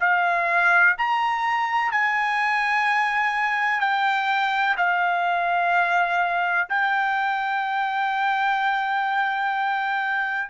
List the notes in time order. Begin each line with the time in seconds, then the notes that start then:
0.00 F5
0.97 A#5
1.91 G#5
3.80 G5
4.77 F5
6.69 G5